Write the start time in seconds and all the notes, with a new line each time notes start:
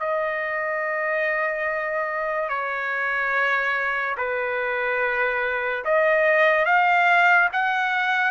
0.00 D#5
2.49 C#5
4.17 B4
5.84 D#5
6.66 F5
7.52 F#5